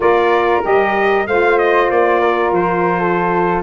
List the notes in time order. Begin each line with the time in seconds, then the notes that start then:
0.00 A#3 F4 A#4 D5
0.62 G3 G4 D#5
1.27 A3 F4 C5 F5
1.58 D#5
1.90 A#3 D5
2.21 A#4
2.52 F3 C5
2.99 A4